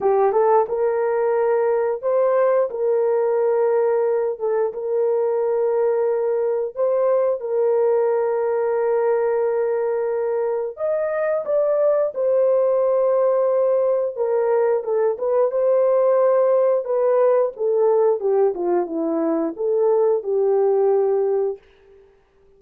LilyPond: \new Staff \with { instrumentName = "horn" } { \time 4/4 \tempo 4 = 89 g'8 a'8 ais'2 c''4 | ais'2~ ais'8 a'8 ais'4~ | ais'2 c''4 ais'4~ | ais'1 |
dis''4 d''4 c''2~ | c''4 ais'4 a'8 b'8 c''4~ | c''4 b'4 a'4 g'8 f'8 | e'4 a'4 g'2 | }